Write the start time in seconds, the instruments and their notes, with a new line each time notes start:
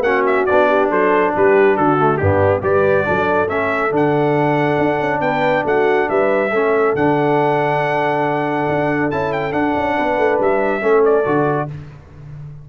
0.00 tuba A#3, trombone C#4, horn F#4, trumpet F#5
0.26 trumpet E5
0.46 tuba B3, trombone D4, trumpet D5
0.69 horn G4
0.90 tuba F#3, horn A4, trumpet C5
1.35 tuba G3, horn G4, trumpet B4
1.77 tuba D3, horn F#4, trumpet A4
1.99 trombone A3
2.18 tuba G2, trombone B3, horn D4, trumpet G4
2.62 tuba G3, trombone G4, horn B4, trumpet D5
3.05 tuba F#3, trombone D4, horn A4
3.49 tuba A3, trombone C#4, trumpet E5
3.91 tuba D3, trombone D4
3.97 trumpet F#5
4.79 tuba D4
5.00 tuba C#4
5.21 tuba B3, horn B4, trumpet G5
5.65 tuba A3, horn F#4, trumpet F#5
6.09 tuba G3, horn B4, trumpet E5
6.52 tuba A3, trombone C#4, horn A4
6.95 tuba D3, trombone D4, trumpet F#5
8.69 tuba D4
9.11 tuba C#4, trombone E4, trumpet A5
9.33 trumpet G5
9.52 trombone D4, tuba D4, trumpet F#5
9.77 tuba C#4
9.97 tuba B3, horn B4
10.18 tuba A3
10.40 tuba G3, trumpet E5
10.81 tuba A3, trombone C#4, horn A4
11.05 trumpet D5
11.25 tuba D3, trombone F#4